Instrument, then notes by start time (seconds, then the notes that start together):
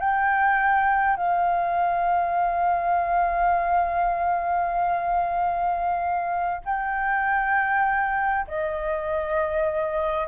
flute
0.00 G5
1.17 F5
6.65 G5
8.47 D#5